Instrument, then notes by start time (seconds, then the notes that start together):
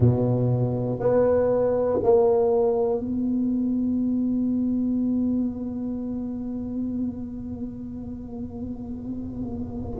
tuba
0.00 B2
0.99 B3
2.03 A#3
3.00 B3